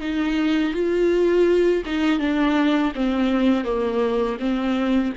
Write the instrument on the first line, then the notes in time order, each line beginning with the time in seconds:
viola
0.00 D#4
0.73 F4
1.85 D#4
2.19 D4
2.95 C4
3.64 A#3
4.39 C4